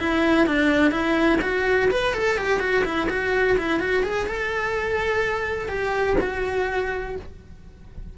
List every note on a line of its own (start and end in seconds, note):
0.00 0.47 E4
0.47 0.92 D4
0.92 1.39 E4
1.42 1.89 F#4
1.91 2.14 B4
2.14 2.38 A4
2.38 2.60 G4
2.60 2.84 F#4
2.85 3.09 E4
3.10 3.58 F#4
3.58 3.80 E4
3.80 4.04 F#4
4.04 4.27 G#4
4.27 5.69 A4
5.69 6.16 G4
6.21 7.16 F#4